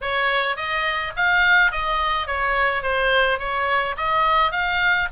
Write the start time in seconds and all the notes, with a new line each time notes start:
0.01 C#5
0.56 D#5
1.16 F5
1.71 D#5
2.26 C#5
2.82 C5
3.38 C#5
3.97 D#5
4.51 F5